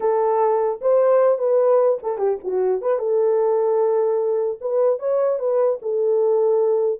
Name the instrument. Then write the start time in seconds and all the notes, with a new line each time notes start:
horn
0.00 A4
0.81 C5
1.38 B4
2.03 A4
2.18 G4
2.43 F#4
2.81 B4
2.98 A4
4.61 B4
4.99 C#5
5.39 B4
5.82 A4